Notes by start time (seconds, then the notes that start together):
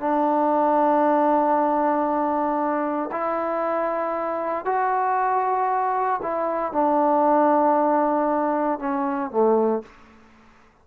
0.00 D4
3.12 E4
4.65 F#4
6.23 E4
6.73 D4
8.80 C#4
9.31 A3